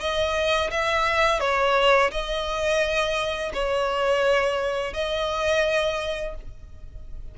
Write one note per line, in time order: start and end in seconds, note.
0.00 0.71 D#5
0.71 1.40 E5
1.40 2.11 C#5
2.11 3.52 D#5
3.54 4.93 C#5
4.93 6.35 D#5